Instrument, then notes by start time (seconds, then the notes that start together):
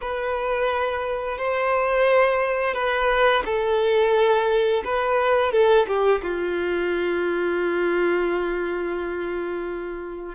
violin
0.01 B4
1.38 C5
2.74 B4
3.45 A4
4.84 B4
5.51 A4
5.87 G4
6.22 F4